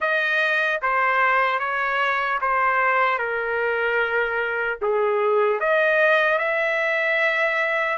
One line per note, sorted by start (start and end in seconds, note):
0.00 0.80 D#5
0.82 1.59 C5
1.59 2.39 C#5
2.41 3.18 C5
3.18 4.78 A#4
4.81 5.60 G#4
5.60 6.38 D#5
6.38 7.97 E5